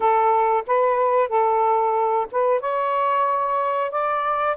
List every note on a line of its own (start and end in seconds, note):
0.00 0.63 A4
0.66 1.29 B4
1.29 2.26 A4
2.31 2.60 B4
2.60 3.91 C#5
3.91 4.56 D5